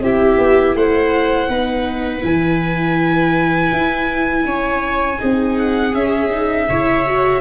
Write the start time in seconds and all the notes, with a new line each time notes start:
0.00 C4 E4 G4 E5
0.38 B3
0.75 A3 C5 F#5
1.48 B3 D#4 B4
2.21 E3 E4 G#5
3.72 E4
4.45 C#4 C#5
5.19 C4 D#4 G#4
5.58 F#5
5.93 C#4 E5
6.31 D#4
6.69 C#3 E4 C#5
7.06 F#4